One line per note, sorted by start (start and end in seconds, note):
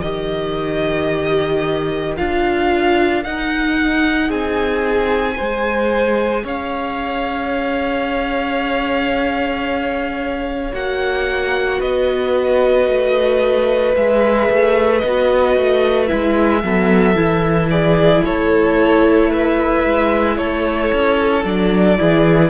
0.00 2.17 D#3
0.00 2.17 G4
0.00 4.27 A#4
0.00 2.14 D#5
2.17 3.25 D4
2.17 3.24 F4
2.17 3.23 F5
3.23 5.36 D#4
3.23 4.30 D#4
3.23 4.30 F#5
4.27 5.37 C4
4.27 5.34 G#4
4.27 6.45 G#5
5.36 6.44 G#3
5.36 10.72 G#4
5.36 6.43 C5
6.44 10.72 C#4
6.44 11.79 C#5
6.44 10.74 F5
10.73 11.80 A#3
10.73 13.94 F#4
10.73 11.81 F#5
11.79 12.88 B3
11.79 16.61 B4
11.79 13.95 D#5
12.88 13.95 A3
13.95 14.49 G#3
13.95 15.02 G#4
13.95 14.98 E5
14.50 15.03 A3
14.98 15.56 B3
14.98 16.05 D#5
15.05 16.07 F#4
15.56 16.10 A3
16.06 16.61 E4
16.06 17.67 E5
16.12 16.63 G#3
16.63 17.15 F#3
16.63 17.16 B3
16.63 17.71 A4
17.15 18.22 E3
17.15 21.44 E4
17.70 18.24 G#4
17.70 18.24 D5
18.24 19.85 A3
18.24 19.29 A4
18.24 19.32 C#5
19.29 20.37 B4
19.29 20.37 E5
19.85 20.38 G#3
20.37 20.92 A3
20.37 21.99 A4
20.37 21.45 C#5
20.93 21.44 C#4
21.44 21.98 F#3
21.44 21.98 D4
21.44 22.50 D5
21.98 22.50 E3
21.98 22.50 E4
21.98 22.50 G#4